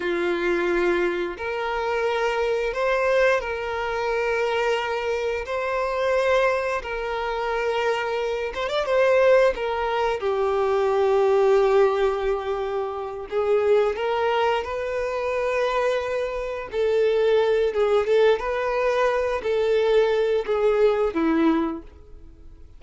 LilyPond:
\new Staff \with { instrumentName = "violin" } { \time 4/4 \tempo 4 = 88 f'2 ais'2 | c''4 ais'2. | c''2 ais'2~ | ais'8 c''16 d''16 c''4 ais'4 g'4~ |
g'2.~ g'8 gis'8~ | gis'8 ais'4 b'2~ b'8~ | b'8 a'4. gis'8 a'8 b'4~ | b'8 a'4. gis'4 e'4 | }